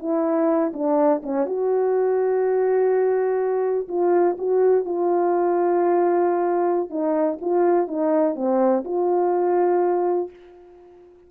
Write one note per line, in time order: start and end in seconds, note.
0.00 0.73 E4
0.74 1.22 D4
1.23 1.46 C#4
1.46 3.88 F#4
3.89 4.37 F4
4.39 4.85 F#4
4.85 6.90 F4
6.90 7.39 D#4
7.41 7.88 F4
7.88 8.36 D#4
8.36 8.84 C4
8.85 10.30 F4